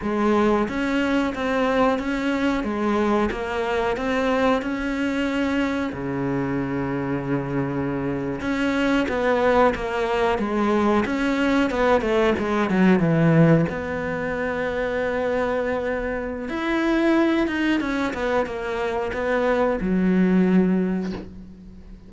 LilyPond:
\new Staff \with { instrumentName = "cello" } { \time 4/4 \tempo 4 = 91 gis4 cis'4 c'4 cis'4 | gis4 ais4 c'4 cis'4~ | cis'4 cis2.~ | cis8. cis'4 b4 ais4 gis16~ |
gis8. cis'4 b8 a8 gis8 fis8 e16~ | e8. b2.~ b16~ | b4 e'4. dis'8 cis'8 b8 | ais4 b4 fis2 | }